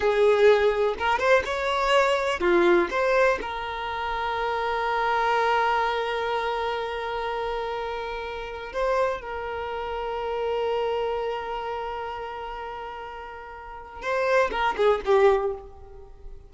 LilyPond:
\new Staff \with { instrumentName = "violin" } { \time 4/4 \tempo 4 = 124 gis'2 ais'8 c''8 cis''4~ | cis''4 f'4 c''4 ais'4~ | ais'1~ | ais'1~ |
ais'2 c''4 ais'4~ | ais'1~ | ais'1~ | ais'4 c''4 ais'8 gis'8 g'4 | }